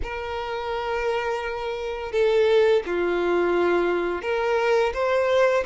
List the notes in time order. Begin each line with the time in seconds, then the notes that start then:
0.02 A#4
2.12 A4
2.86 F4
4.22 A#4
4.93 C5